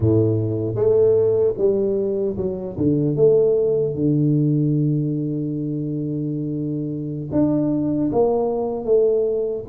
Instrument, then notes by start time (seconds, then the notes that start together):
tuba
0.00 A2
0.75 A3
1.57 G3
2.36 F#3
2.77 D3
3.15 A3
3.94 D3
7.31 D4
8.11 A#3
8.85 A3